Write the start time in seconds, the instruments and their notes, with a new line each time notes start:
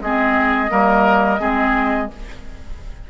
0.00 bassoon G#3, clarinet C4, oboe G#4, flute D#5
0.68 bassoon G3, clarinet A#3, oboe A#4
1.38 bassoon G#3, clarinet C4, oboe G#4